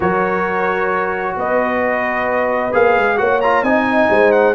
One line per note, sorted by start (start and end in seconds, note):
0.00 1.36 F#3
0.00 2.72 F#4
0.00 1.35 A#4
0.00 1.37 C#5
1.36 2.72 B3
1.36 3.19 B4
1.36 2.74 D#5
2.72 2.96 A#3
2.72 3.17 G#4
2.72 3.17 F5
2.96 3.19 G#3
3.17 3.62 A#3
3.17 3.40 F#4
3.17 3.63 C#5
3.17 3.40 F#5
3.41 3.64 F4
3.41 3.63 A#5
3.62 4.07 C4
3.62 4.54 D#4
3.62 4.09 D#5
3.62 4.31 G#5
4.09 4.54 G#3
4.09 4.54 C5
4.31 4.54 F#5